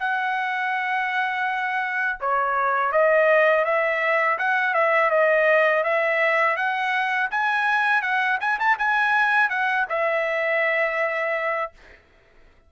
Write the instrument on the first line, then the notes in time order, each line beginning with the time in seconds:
trumpet
0.00 F#5
2.21 C#5
2.92 D#5
3.65 E5
4.39 F#5
4.74 E5
5.11 D#5
5.84 E5
6.57 F#5
7.31 G#5
8.02 F#5
8.41 G#5
8.59 A5
8.79 G#5
9.50 F#5
9.89 E5